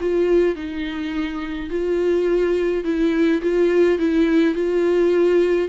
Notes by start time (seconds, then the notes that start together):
0.00 F4
0.55 D#4
1.70 F4
2.84 E4
3.42 F4
3.98 E4
4.54 F4